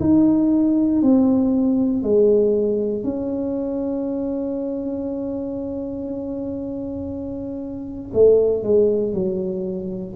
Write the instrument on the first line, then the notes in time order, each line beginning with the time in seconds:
tuba
0.00 D#4
1.02 C4
2.03 G#3
3.04 C#4
8.14 A3
8.63 G#3
9.13 F#3